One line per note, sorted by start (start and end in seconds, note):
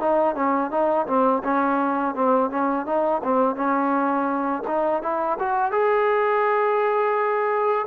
0.00 0.36 D#4
0.36 0.71 C#4
0.71 1.06 D#4
1.07 1.43 C4
1.44 2.15 C#4
2.15 2.51 C4
2.51 2.86 C#4
2.86 3.22 D#4
3.24 3.56 C4
3.56 4.63 C#4
4.67 5.03 D#4
5.03 5.38 E4
5.40 5.72 F#4
5.72 7.86 G#4